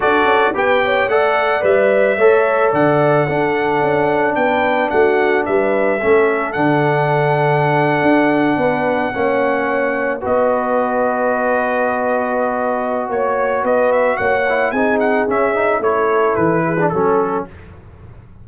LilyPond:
<<
  \new Staff \with { instrumentName = "trumpet" } { \time 4/4 \tempo 4 = 110 d''4 g''4 fis''4 e''4~ | e''4 fis''2. | g''4 fis''4 e''2 | fis''1~ |
fis''2~ fis''8. dis''4~ dis''16~ | dis''1 | cis''4 dis''8 e''8 fis''4 gis''8 fis''8 | e''4 cis''4 b'4 a'4 | }
  \new Staff \with { instrumentName = "horn" } { \time 4/4 a'4 b'8 cis''8 d''2 | cis''4 d''4 a'2 | b'4 fis'4 b'4 a'4~ | a'2.~ a'8. b'16~ |
b'8. cis''2 b'4~ b'16~ | b'1 | cis''4 b'4 cis''4 gis'4~ | gis'4 a'4. gis'8 a'4 | }
  \new Staff \with { instrumentName = "trombone" } { \time 4/4 fis'4 g'4 a'4 b'4 | a'2 d'2~ | d'2. cis'4 | d'1~ |
d'8. cis'2 fis'4~ fis'16~ | fis'1~ | fis'2~ fis'8 e'8 dis'4 | cis'8 dis'8 e'4.~ e'16 d'16 cis'4 | }
  \new Staff \with { instrumentName = "tuba" } { \time 4/4 d'8 cis'8 b4 a4 g4 | a4 d4 d'4 cis'4 | b4 a4 g4 a4 | d2~ d8. d'4 b16~ |
b8. ais2 b4~ b16~ | b1 | ais4 b4 ais4 c'4 | cis'4 a4 e4 fis4 | }
>>